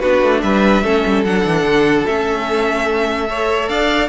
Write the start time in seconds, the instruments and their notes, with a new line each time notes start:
0.00 cello B3, viola D4, violin F#4 B4
0.23 cello A3
0.42 cello G3, violin B4 E5
0.83 cello A3, viola C#4, violin A4
1.06 cello G3
1.24 cello F#3, viola D4, violin F#5
1.45 cello E3
1.63 cello D3
2.06 cello A3, viola C#4, violin E5
3.28 viola A4, violin C#5
3.69 cello D4, violin D5 F5